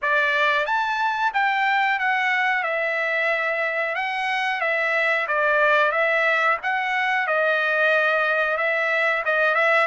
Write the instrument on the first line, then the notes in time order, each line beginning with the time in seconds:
trumpet
0.02 D5
0.66 A5
1.33 G5
1.99 F#5
2.63 E5
3.95 F#5
4.60 E5
5.27 D5
5.91 E5
6.62 F#5
7.27 D#5
8.57 E5
9.25 D#5
9.55 E5